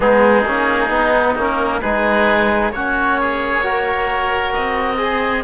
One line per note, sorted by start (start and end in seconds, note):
0.00 0.44 G#3
0.00 0.44 B3
0.00 1.80 D#4
0.00 1.33 G#4
0.44 0.90 A#3
0.44 0.89 C#4
0.89 1.35 B3
0.89 1.35 D#4
1.35 1.81 A#3
1.35 1.82 C#4
1.35 1.81 A#4
1.80 2.72 G#3
1.80 2.73 D#4
1.80 2.71 G#4
1.80 2.71 B4
2.71 4.53 A#3
2.71 3.62 C#4
2.71 3.20 F#4
2.71 4.53 C#5
3.20 3.64 G#4
3.62 4.97 F#4
3.62 5.01 A#4
4.53 5.44 C4
4.53 5.44 D#5
4.97 5.42 G#4
4.97 5.44 G#4